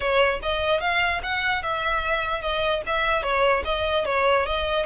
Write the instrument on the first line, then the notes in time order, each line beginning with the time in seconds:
violin
0.00 C#5
0.42 D#5
0.80 F5
1.22 F#5
1.62 E5
2.41 D#5
2.86 E5
3.22 C#5
3.64 D#5
4.05 C#5
4.45 D#5